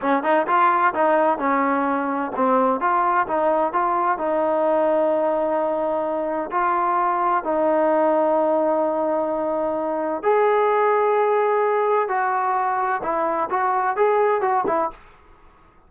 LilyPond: \new Staff \with { instrumentName = "trombone" } { \time 4/4 \tempo 4 = 129 cis'8 dis'8 f'4 dis'4 cis'4~ | cis'4 c'4 f'4 dis'4 | f'4 dis'2.~ | dis'2 f'2 |
dis'1~ | dis'2 gis'2~ | gis'2 fis'2 | e'4 fis'4 gis'4 fis'8 e'8 | }